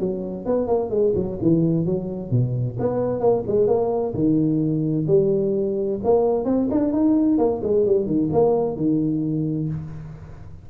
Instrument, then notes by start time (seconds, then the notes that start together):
tuba
0.00 F#3
0.46 B3
0.68 A#3
0.90 G#3
1.16 F#3
1.42 E3
1.86 F#3
2.31 B2
2.79 B3
3.21 A#3
3.48 G#3
3.68 A#3
4.14 D#3
5.07 G3
6.04 A#3
6.45 C4
6.71 D4
6.93 D#4
7.38 A#3
7.63 G#3
7.87 G3
8.07 D#3
8.33 A#3
8.77 D#3